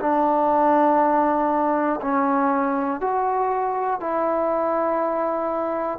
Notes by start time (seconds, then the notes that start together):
0.00 D4
2.01 C#4
3.00 F#4
4.00 E4